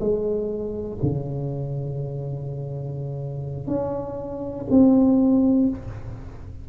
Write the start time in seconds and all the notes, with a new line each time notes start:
0.00 G#3
1.02 C#3
3.67 C#4
4.70 C4